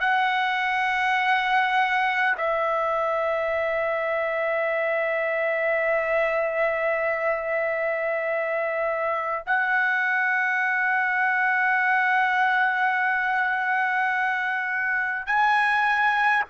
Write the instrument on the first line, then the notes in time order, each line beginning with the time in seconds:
trumpet
0.00 F#5
2.37 E5
9.46 F#5
15.27 G#5